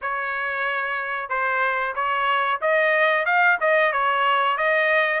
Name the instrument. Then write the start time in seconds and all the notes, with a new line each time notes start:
trumpet
0.01 C#5
1.29 C5
1.95 C#5
2.61 D#5
3.25 F5
3.60 D#5
3.92 C#5
4.57 D#5